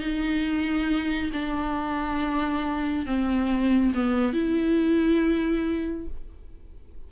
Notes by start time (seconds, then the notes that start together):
0.00 D#4
1.33 D4
3.06 C4
3.94 B3
4.33 E4